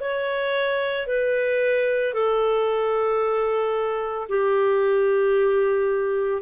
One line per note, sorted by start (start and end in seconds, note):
0.00 1.07 C#5
1.07 2.13 B4
2.13 4.28 A4
4.29 6.42 G4